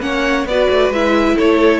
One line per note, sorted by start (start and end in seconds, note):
0.00 0.45 A#3
0.00 0.45 C#4
0.00 0.48 C#5
0.00 0.46 F#5
0.45 0.67 B3
0.45 0.94 F#4
0.45 1.35 B4
0.45 0.92 D5
0.70 0.89 A3
0.89 1.34 G#3
0.89 1.80 E4
0.89 1.37 E5
1.35 1.80 A3
1.35 1.80 A4
1.35 1.80 C#5